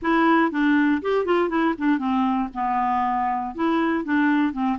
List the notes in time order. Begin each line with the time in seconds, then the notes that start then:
0.01 E4
0.51 D4
1.02 G4
1.25 F4
1.49 E4
1.77 D4
1.98 C4
2.54 B3
3.54 E4
4.04 D4
4.52 C4